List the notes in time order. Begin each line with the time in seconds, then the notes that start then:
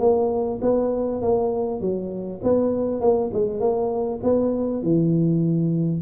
0.00 A#3
0.62 B3
1.22 A#3
1.81 F#3
2.43 B3
3.01 A#3
3.34 G#3
3.60 A#3
4.23 B3
4.83 E3